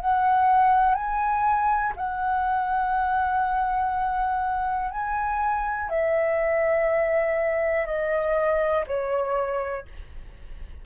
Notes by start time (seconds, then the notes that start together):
0.00 F#5
0.94 G#5
1.96 F#5
4.91 G#5
5.89 E5
7.86 D#5
8.87 C#5